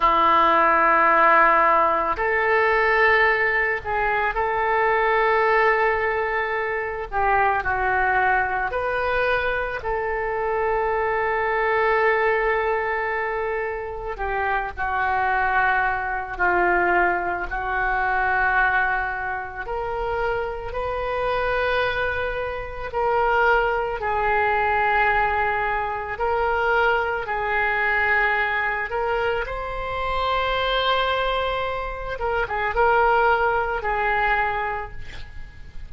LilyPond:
\new Staff \with { instrumentName = "oboe" } { \time 4/4 \tempo 4 = 55 e'2 a'4. gis'8 | a'2~ a'8 g'8 fis'4 | b'4 a'2.~ | a'4 g'8 fis'4. f'4 |
fis'2 ais'4 b'4~ | b'4 ais'4 gis'2 | ais'4 gis'4. ais'8 c''4~ | c''4. ais'16 gis'16 ais'4 gis'4 | }